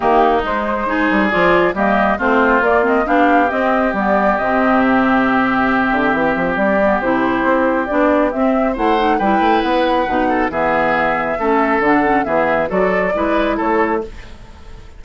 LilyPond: <<
  \new Staff \with { instrumentName = "flute" } { \time 4/4 \tempo 4 = 137 g'4 c''2 d''4 | dis''4 c''4 d''8 dis''8 f''4 | dis''4 d''4 dis''4 e''4~ | e''2. d''4 |
c''2 d''4 e''4 | fis''4 g''4 fis''2 | e''2. fis''4 | e''4 d''2 cis''4 | }
  \new Staff \with { instrumentName = "oboe" } { \time 4/4 dis'2 gis'2 | g'4 f'2 g'4~ | g'1~ | g'1~ |
g'1 | c''4 b'2~ b'8 a'8 | gis'2 a'2 | gis'4 a'4 b'4 a'4 | }
  \new Staff \with { instrumentName = "clarinet" } { \time 4/4 ais4 gis4 dis'4 f'4 | ais4 c'4 ais8 c'8 d'4 | c'4 b4 c'2~ | c'2.~ c'8 b8 |
e'2 d'4 c'4 | e'8 dis'8 e'2 dis'4 | b2 cis'4 d'8 cis'8 | b4 fis'4 e'2 | }
  \new Staff \with { instrumentName = "bassoon" } { \time 4/4 dis4 gis4. g8 f4 | g4 a4 ais4 b4 | c'4 g4 c2~ | c4. d8 e8 f8 g4 |
c4 c'4 b4 c'4 | a4 g8 a8 b4 b,4 | e2 a4 d4 | e4 fis4 gis4 a4 | }
>>